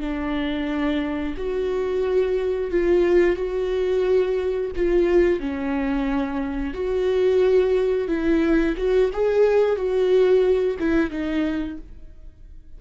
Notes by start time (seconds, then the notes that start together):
0.00 D4
1.37 F#4
2.71 F4
3.36 F#4
4.76 F4
5.40 C#4
6.74 F#4
8.08 E4
8.77 F#4
9.13 G#4
9.76 F#4
10.79 E4
11.10 D#4